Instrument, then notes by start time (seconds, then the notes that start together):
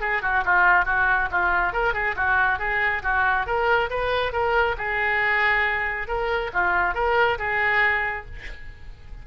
oboe
0.00 G#4
0.22 F#4
0.44 F4
0.85 F#4
1.31 F4
1.73 A#4
1.93 G#4
2.15 F#4
2.58 G#4
3.03 F#4
3.46 A#4
3.89 B4
4.32 A#4
4.77 G#4
6.07 A#4
6.53 F4
6.94 A#4
7.38 G#4